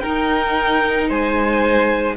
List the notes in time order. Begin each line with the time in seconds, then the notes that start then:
0.00 D#4 A#4 G5
1.09 G#3 C5 G#5